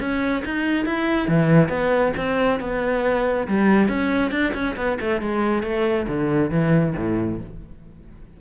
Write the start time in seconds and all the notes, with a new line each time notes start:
0.00 C#4
0.45 D#4
0.86 E4
1.28 E3
1.69 B3
2.17 C4
2.60 B3
3.48 G3
3.89 C#4
4.31 D4
4.54 C#4
4.77 B3
5.00 A3
5.22 G#3
5.63 A3
6.08 D3
6.51 E3
6.97 A2